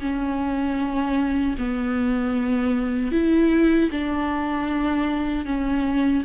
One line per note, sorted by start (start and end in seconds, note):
0.00 1.56 C#4
1.58 3.12 B3
3.12 3.90 E4
3.91 5.45 D4
5.45 6.23 C#4